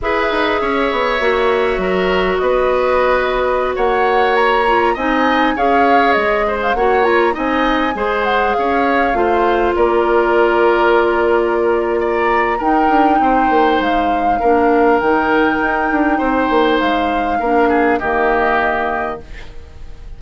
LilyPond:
<<
  \new Staff \with { instrumentName = "flute" } { \time 4/4 \tempo 4 = 100 e''1 | dis''2~ dis''16 fis''4 ais''8.~ | ais''16 gis''4 f''4 dis''8. f''16 fis''8 ais''16~ | ais''16 gis''4. fis''8 f''4.~ f''16~ |
f''16 d''2.~ d''8. | ais''4 g''2 f''4~ | f''4 g''2. | f''2 dis''2 | }
  \new Staff \with { instrumentName = "oboe" } { \time 4/4 b'4 cis''2 ais'4 | b'2~ b'16 cis''4.~ cis''16~ | cis''16 dis''4 cis''4. c''8 cis''8.~ | cis''16 dis''4 c''4 cis''4 c''8.~ |
c''16 ais'2.~ ais'8. | d''4 ais'4 c''2 | ais'2. c''4~ | c''4 ais'8 gis'8 g'2 | }
  \new Staff \with { instrumentName = "clarinet" } { \time 4/4 gis'2 fis'2~ | fis'2.~ fis'8. f'16~ | f'16 dis'4 gis'2 fis'8 f'16~ | f'16 dis'4 gis'2 f'8.~ |
f'1~ | f'4 dis'2. | d'4 dis'2.~ | dis'4 d'4 ais2 | }
  \new Staff \with { instrumentName = "bassoon" } { \time 4/4 e'8 dis'8 cis'8 b8 ais4 fis4 | b2~ b16 ais4.~ ais16~ | ais16 c'4 cis'4 gis4 ais8.~ | ais16 c'4 gis4 cis'4 a8.~ |
a16 ais2.~ ais8.~ | ais4 dis'8 d'8 c'8 ais8 gis4 | ais4 dis4 dis'8 d'8 c'8 ais8 | gis4 ais4 dis2 | }
>>